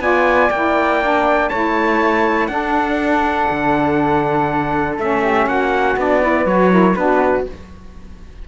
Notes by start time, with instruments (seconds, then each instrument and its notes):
0.00 cello B3, saxophone F4, flute D5, trumpet G#5
0.51 cello A#3, saxophone E4, trumpet G5
1.03 saxophone D4
1.49 cello A3, saxophone E4, flute C#5, trumpet A5
2.48 cello D4, saxophone D4, flute A4, trumpet F#5
3.50 cello D3
4.98 cello A3, saxophone C#4, trumpet E5
5.23 flute G4
5.47 cello A#3, flute F#4, trumpet F#5
5.97 cello B3, saxophone D4, trumpet D5
6.22 saxophone E4, flute B4
6.46 cello F#3, saxophone F#4, trumpet C#5
6.71 saxophone E4, flute A#4
6.96 cello B3, saxophone D4, flute F#4, trumpet B4